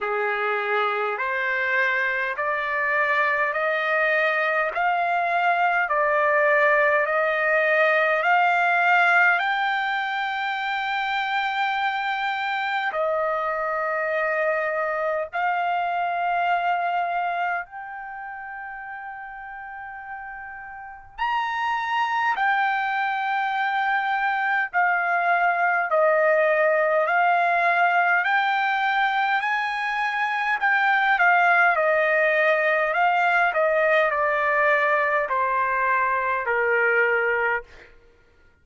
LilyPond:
\new Staff \with { instrumentName = "trumpet" } { \time 4/4 \tempo 4 = 51 gis'4 c''4 d''4 dis''4 | f''4 d''4 dis''4 f''4 | g''2. dis''4~ | dis''4 f''2 g''4~ |
g''2 ais''4 g''4~ | g''4 f''4 dis''4 f''4 | g''4 gis''4 g''8 f''8 dis''4 | f''8 dis''8 d''4 c''4 ais'4 | }